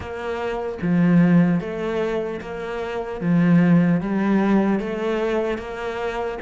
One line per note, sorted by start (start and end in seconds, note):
0.00 0.78 A#3
0.82 1.60 F3
1.60 2.40 A3
2.41 3.20 A#3
3.20 4.00 F3
4.00 4.79 G3
4.79 5.58 A3
5.58 6.38 A#3